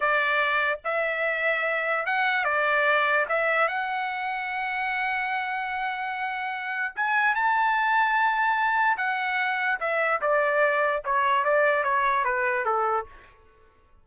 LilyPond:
\new Staff \with { instrumentName = "trumpet" } { \time 4/4 \tempo 4 = 147 d''2 e''2~ | e''4 fis''4 d''2 | e''4 fis''2.~ | fis''1~ |
fis''4 gis''4 a''2~ | a''2 fis''2 | e''4 d''2 cis''4 | d''4 cis''4 b'4 a'4 | }